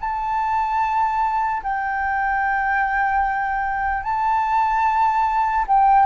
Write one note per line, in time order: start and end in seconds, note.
0.00 1.62 A5
1.63 4.03 G5
4.03 5.65 A5
5.67 6.05 G5